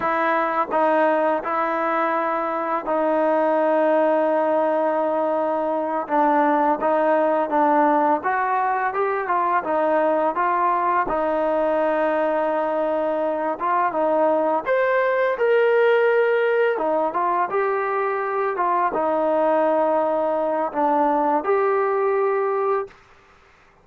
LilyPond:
\new Staff \with { instrumentName = "trombone" } { \time 4/4 \tempo 4 = 84 e'4 dis'4 e'2 | dis'1~ | dis'8 d'4 dis'4 d'4 fis'8~ | fis'8 g'8 f'8 dis'4 f'4 dis'8~ |
dis'2. f'8 dis'8~ | dis'8 c''4 ais'2 dis'8 | f'8 g'4. f'8 dis'4.~ | dis'4 d'4 g'2 | }